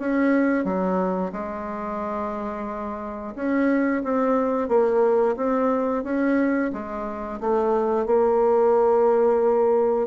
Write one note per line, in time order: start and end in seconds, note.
0.00 0.65 C#4
0.65 1.32 F#3
1.33 3.35 G#3
3.36 4.03 C#4
4.04 4.69 C4
4.69 5.36 A#3
5.37 6.04 C4
6.04 6.72 C#4
6.73 7.41 G#3
7.41 8.06 A3
8.06 10.08 A#3